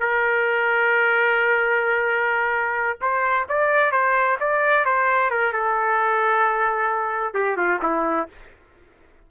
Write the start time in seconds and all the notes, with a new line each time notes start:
0.00 A#4
3.01 C5
3.49 D5
3.92 C5
4.40 D5
4.85 C5
5.30 A#4
5.53 A4
7.34 G4
7.57 F4
7.82 E4